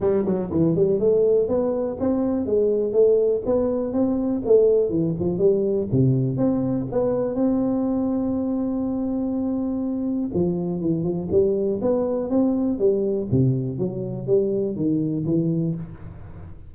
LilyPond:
\new Staff \with { instrumentName = "tuba" } { \time 4/4 \tempo 4 = 122 g8 fis8 e8 g8 a4 b4 | c'4 gis4 a4 b4 | c'4 a4 e8 f8 g4 | c4 c'4 b4 c'4~ |
c'1~ | c'4 f4 e8 f8 g4 | b4 c'4 g4 c4 | fis4 g4 dis4 e4 | }